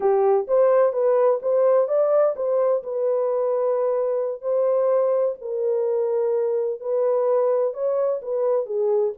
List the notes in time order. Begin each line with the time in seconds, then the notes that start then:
0.00 G4
0.47 C5
0.92 B4
1.41 C5
1.88 D5
2.36 C5
2.83 B4
4.41 C5
5.41 A#4
6.80 B4
7.73 C#5
8.22 B4
8.65 G#4